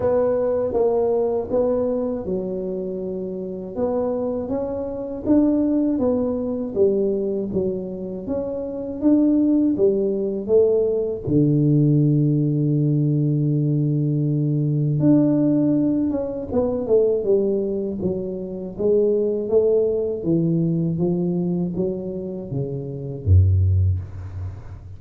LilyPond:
\new Staff \with { instrumentName = "tuba" } { \time 4/4 \tempo 4 = 80 b4 ais4 b4 fis4~ | fis4 b4 cis'4 d'4 | b4 g4 fis4 cis'4 | d'4 g4 a4 d4~ |
d1 | d'4. cis'8 b8 a8 g4 | fis4 gis4 a4 e4 | f4 fis4 cis4 fis,4 | }